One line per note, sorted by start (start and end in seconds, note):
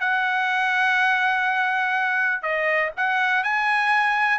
0.00 2.42 F#5
2.42 2.91 D#5
2.97 3.44 F#5
3.44 4.39 G#5